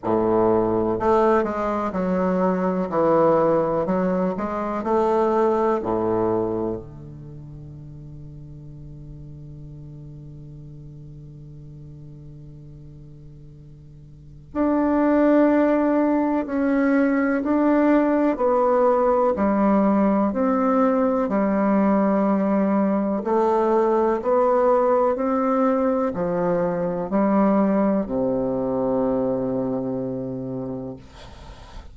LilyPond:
\new Staff \with { instrumentName = "bassoon" } { \time 4/4 \tempo 4 = 62 a,4 a8 gis8 fis4 e4 | fis8 gis8 a4 a,4 d4~ | d1~ | d2. d'4~ |
d'4 cis'4 d'4 b4 | g4 c'4 g2 | a4 b4 c'4 f4 | g4 c2. | }